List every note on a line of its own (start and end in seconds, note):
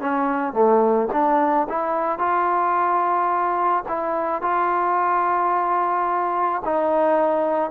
0.00 0.53 C#4
0.53 1.08 A3
1.12 1.67 D4
1.69 2.18 E4
2.18 3.83 F4
3.88 4.42 E4
4.42 6.62 F4
6.64 7.70 D#4